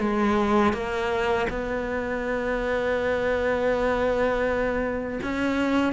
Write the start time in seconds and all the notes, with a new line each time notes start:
0.00 G#3
0.73 A#3
1.50 B3
5.23 C#4